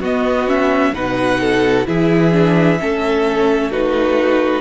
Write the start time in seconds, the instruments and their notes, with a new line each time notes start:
0.00 cello B3, viola B3, violin F#4 D#5
0.47 viola C#4, violin E5
0.94 cello B2, viola D#4, violin B4 F#5
1.41 violin A4
1.86 cello E3, viola E4, violin G#4 E5
2.32 viola D4
2.79 cello A3, viola C#4, violin A4
3.71 viola D#4, violin F#4 B4